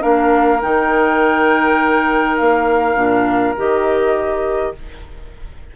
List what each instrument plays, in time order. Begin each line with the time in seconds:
0.00 bassoon A#3, clarinet D4, oboe A#4, flute F5
0.62 bassoon D#3, clarinet D#4, flute G5
2.37 bassoon A#3, flute F5
2.95 bassoon A#2, clarinet D4
3.57 bassoon D#3, clarinet G4, flute D#5